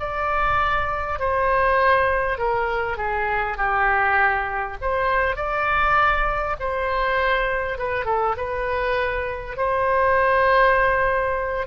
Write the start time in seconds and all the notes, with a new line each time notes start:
0.00 D5
1.19 C5
2.39 A#4
2.98 G#4
3.58 G4
4.82 C5
5.36 D5
6.60 C5
7.79 B4
8.06 A4
8.37 B4
9.57 C5